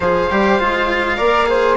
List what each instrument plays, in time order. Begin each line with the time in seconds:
0.00 bassoon F3, cello G#4, flute C5, oboe F5
0.30 bassoon G3, cello G4
0.59 bassoon G#3, cello F4
1.17 bassoon A#3, cello A#4, flute D5
1.46 cello G#4, flute C5